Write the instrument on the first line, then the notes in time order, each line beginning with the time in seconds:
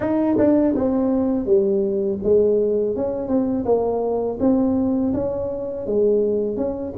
tuba
0.00 D#4
0.38 D4
0.75 C4
1.45 G3
2.23 G#3
2.96 C#4
3.28 C4
3.65 A#3
4.39 C4
5.13 C#4
5.86 G#3
6.57 C#4